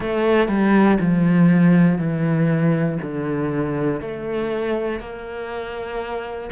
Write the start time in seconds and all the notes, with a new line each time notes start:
0.00 A3
0.48 G3
1.00 F3
1.98 E3
3.02 D3
4.00 A3
5.00 A#3